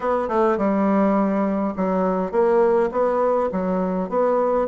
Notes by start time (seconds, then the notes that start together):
0.00 B3
0.28 A3
0.57 G3
1.76 F#3
2.31 A#3
2.91 B3
3.52 F#3
4.09 B3